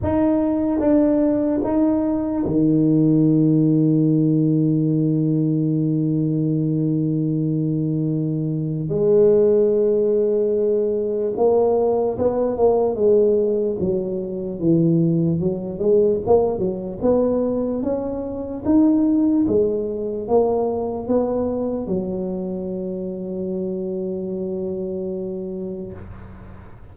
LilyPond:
\new Staff \with { instrumentName = "tuba" } { \time 4/4 \tempo 4 = 74 dis'4 d'4 dis'4 dis4~ | dis1~ | dis2. gis4~ | gis2 ais4 b8 ais8 |
gis4 fis4 e4 fis8 gis8 | ais8 fis8 b4 cis'4 dis'4 | gis4 ais4 b4 fis4~ | fis1 | }